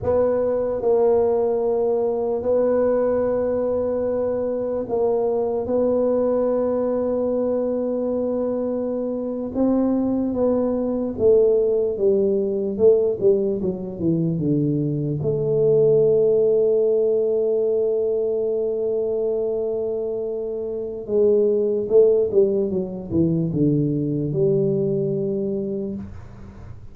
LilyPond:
\new Staff \with { instrumentName = "tuba" } { \time 4/4 \tempo 4 = 74 b4 ais2 b4~ | b2 ais4 b4~ | b2.~ b8. c'16~ | c'8. b4 a4 g4 a16~ |
a16 g8 fis8 e8 d4 a4~ a16~ | a1~ | a2 gis4 a8 g8 | fis8 e8 d4 g2 | }